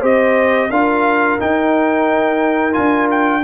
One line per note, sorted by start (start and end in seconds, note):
0.00 0.70 C4
0.00 0.70 G4
0.00 0.68 C5
0.00 0.71 D#5
0.70 1.38 D4
0.70 1.39 F4
0.70 3.43 A#4
0.70 1.39 F5
1.39 2.72 D#4
1.39 2.77 D#4
1.39 2.73 G5
2.72 3.44 D4
2.72 3.40 F4
2.72 3.07 G#5
3.11 3.44 G5